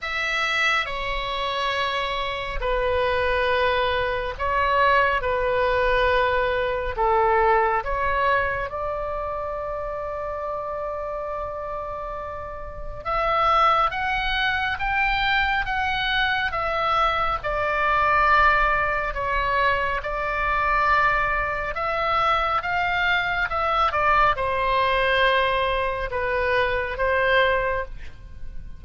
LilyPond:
\new Staff \with { instrumentName = "oboe" } { \time 4/4 \tempo 4 = 69 e''4 cis''2 b'4~ | b'4 cis''4 b'2 | a'4 cis''4 d''2~ | d''2. e''4 |
fis''4 g''4 fis''4 e''4 | d''2 cis''4 d''4~ | d''4 e''4 f''4 e''8 d''8 | c''2 b'4 c''4 | }